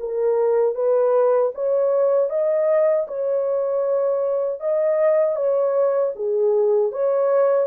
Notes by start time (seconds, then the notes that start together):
0.00 A#4
0.75 B4
1.55 C#5
2.30 D#5
3.08 C#5
4.60 D#5
5.36 C#5
6.15 G#4
6.92 C#5